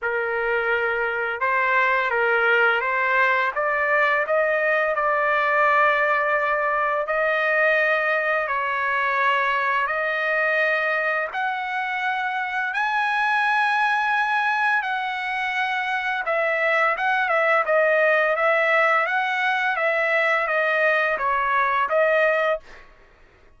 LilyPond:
\new Staff \with { instrumentName = "trumpet" } { \time 4/4 \tempo 4 = 85 ais'2 c''4 ais'4 | c''4 d''4 dis''4 d''4~ | d''2 dis''2 | cis''2 dis''2 |
fis''2 gis''2~ | gis''4 fis''2 e''4 | fis''8 e''8 dis''4 e''4 fis''4 | e''4 dis''4 cis''4 dis''4 | }